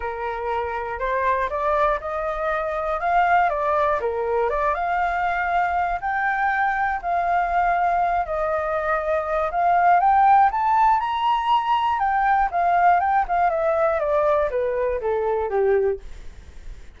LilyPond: \new Staff \with { instrumentName = "flute" } { \time 4/4 \tempo 4 = 120 ais'2 c''4 d''4 | dis''2 f''4 d''4 | ais'4 d''8 f''2~ f''8 | g''2 f''2~ |
f''8 dis''2~ dis''8 f''4 | g''4 a''4 ais''2 | g''4 f''4 g''8 f''8 e''4 | d''4 b'4 a'4 g'4 | }